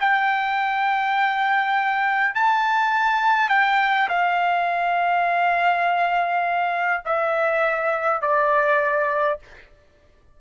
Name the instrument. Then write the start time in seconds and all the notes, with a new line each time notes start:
trumpet
0.00 G5
2.35 A5
3.49 G5
4.09 F5
7.05 E5
8.21 D5